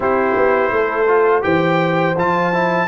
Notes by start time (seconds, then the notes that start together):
0.00 C4 E4 G4 C5
0.36 B3
0.71 A3 A4
1.07 F4
1.41 E3 G4 C5 G5
2.16 F3 F4 A5
2.53 E4